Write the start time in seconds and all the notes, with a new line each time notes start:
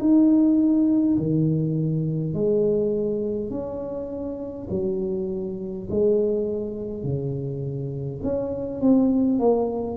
0.00 D#4
1.18 D#3
2.34 G#3
3.50 C#4
4.71 F#3
5.90 G#3
7.04 C#3
8.23 C#4
8.81 C4
9.39 A#3